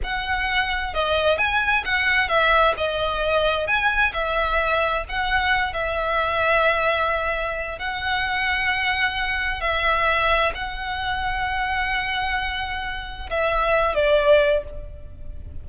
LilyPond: \new Staff \with { instrumentName = "violin" } { \time 4/4 \tempo 4 = 131 fis''2 dis''4 gis''4 | fis''4 e''4 dis''2 | gis''4 e''2 fis''4~ | fis''8 e''2.~ e''8~ |
e''4 fis''2.~ | fis''4 e''2 fis''4~ | fis''1~ | fis''4 e''4. d''4. | }